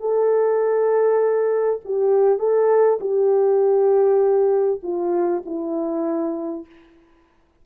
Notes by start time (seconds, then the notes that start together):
0.00 A4
1.85 G4
2.39 A4
3.01 G4
4.83 F4
5.46 E4